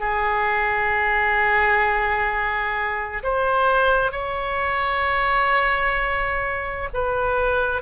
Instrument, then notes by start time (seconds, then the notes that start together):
oboe
0.00 G#4
3.23 C5
4.12 C#5
6.94 B4